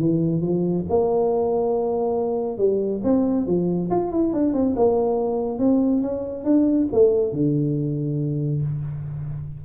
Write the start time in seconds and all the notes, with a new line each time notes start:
0.00 E3
0.42 F3
0.89 A#3
2.58 G3
3.04 C4
3.47 F3
3.90 F4
4.12 E4
4.33 D4
4.53 C4
4.76 A#3
5.59 C4
6.02 C#4
6.45 D4
6.93 A3
7.32 D3